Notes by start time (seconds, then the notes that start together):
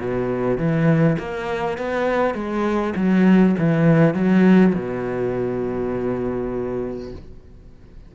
0.00 B2
0.58 E3
1.19 A#3
1.78 B3
2.34 G#3
2.96 F#3
3.59 E3
4.14 F#3
4.75 B2